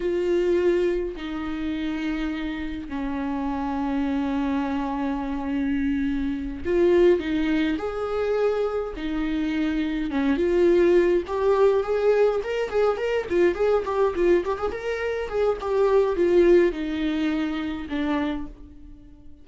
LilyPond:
\new Staff \with { instrumentName = "viola" } { \time 4/4 \tempo 4 = 104 f'2 dis'2~ | dis'4 cis'2.~ | cis'2.~ cis'8 f'8~ | f'8 dis'4 gis'2 dis'8~ |
dis'4. cis'8 f'4. g'8~ | g'8 gis'4 ais'8 gis'8 ais'8 f'8 gis'8 | g'8 f'8 g'16 gis'16 ais'4 gis'8 g'4 | f'4 dis'2 d'4 | }